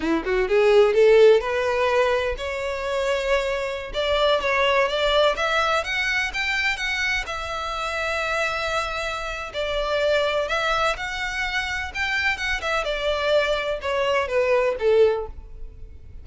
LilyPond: \new Staff \with { instrumentName = "violin" } { \time 4/4 \tempo 4 = 126 e'8 fis'8 gis'4 a'4 b'4~ | b'4 cis''2.~ | cis''16 d''4 cis''4 d''4 e''8.~ | e''16 fis''4 g''4 fis''4 e''8.~ |
e''1 | d''2 e''4 fis''4~ | fis''4 g''4 fis''8 e''8 d''4~ | d''4 cis''4 b'4 a'4 | }